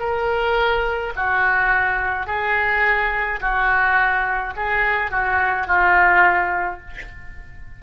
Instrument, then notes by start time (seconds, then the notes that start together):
oboe
0.00 A#4
1.16 F#4
2.27 G#4
3.41 F#4
4.56 G#4
5.11 F#4
5.67 F4